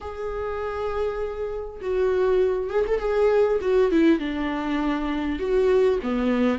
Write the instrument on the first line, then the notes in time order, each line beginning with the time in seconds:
viola
0.01 G#4
1.81 F#4
2.69 G#4
2.87 A4
2.99 G#4
3.61 F#4
3.91 E4
4.19 D4
5.39 F#4
6.02 B3